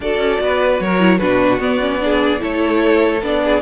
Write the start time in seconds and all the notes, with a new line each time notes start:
0.00 D4 F#4 A4 D5
0.18 C#4
0.40 B3 B4
0.79 F#3 A#4 C#5
0.99 E4
1.18 B2 D4 F#4 B4
1.59 B3 D5
1.81 C#4
2.00 D4 G#4
2.39 A3 E4 A4 C#5
3.22 B3 D4 D5
3.44 G#4